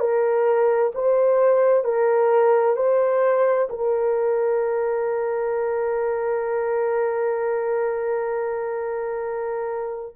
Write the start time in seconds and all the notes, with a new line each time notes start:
0.00 A#4
0.95 C5
1.85 A#4
2.77 C5
3.70 A#4